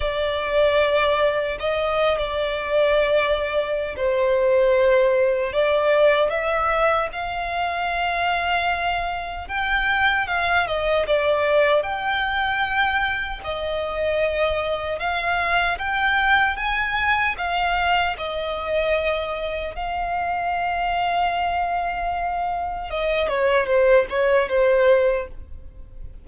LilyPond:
\new Staff \with { instrumentName = "violin" } { \time 4/4 \tempo 4 = 76 d''2 dis''8. d''4~ d''16~ | d''4 c''2 d''4 | e''4 f''2. | g''4 f''8 dis''8 d''4 g''4~ |
g''4 dis''2 f''4 | g''4 gis''4 f''4 dis''4~ | dis''4 f''2.~ | f''4 dis''8 cis''8 c''8 cis''8 c''4 | }